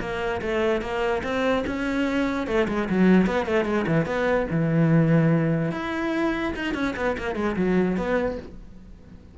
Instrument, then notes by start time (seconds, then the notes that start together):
cello
0.00 A#3
0.41 A3
0.81 A#3
1.23 C4
1.66 C#4
2.47 A3
2.68 G#3
2.89 F#3
3.26 B3
3.46 A3
3.64 G#3
3.87 E3
4.06 B3
4.50 E3
5.71 E4
6.55 D#4
6.74 C#4
6.96 B3
7.17 A#3
7.35 G#3
7.56 F#3
7.97 B3